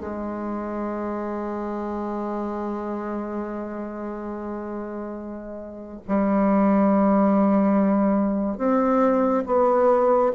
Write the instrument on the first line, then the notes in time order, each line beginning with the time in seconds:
bassoon
0.00 G#3
6.08 G3
8.58 C4
9.46 B3